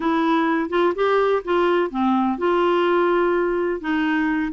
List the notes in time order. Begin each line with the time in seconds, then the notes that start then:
0.00 E4
0.69 F4
0.95 G4
1.44 F4
1.90 C4
2.37 F4
3.81 D#4